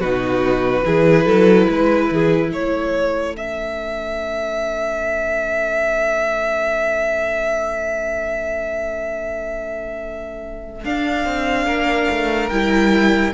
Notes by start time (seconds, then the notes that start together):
0.00 B2 D#4 F#4 B4
0.84 E3 E4 G#4
1.26 F#3 A4
1.68 G#3 B4
2.11 E3 G#4
2.50 A3 A4 C#5
3.34 C#4 E5
10.84 D4 F5
11.25 C4
11.66 A#3 A#4
12.09 A3
12.49 G3 E4 G5